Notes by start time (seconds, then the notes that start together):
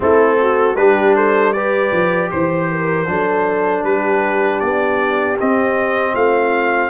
0.00 A3 C4 E4 A4
0.40 F#4
0.75 G3 D4 G4 B4
1.15 A4 C5
1.52 G4 B4 D5
1.92 F3
2.31 E3 C5
2.71 A#4
3.06 F#3 D4 A4
3.82 G3 G4 B4
4.60 B3 D5
5.39 C4 D#5
6.13 A3 F4 F5